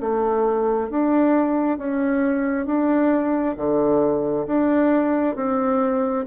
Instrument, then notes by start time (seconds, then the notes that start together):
bassoon
0.00 A3
0.90 D4
1.78 C#4
2.66 D4
3.57 D3
4.47 D4
5.35 C4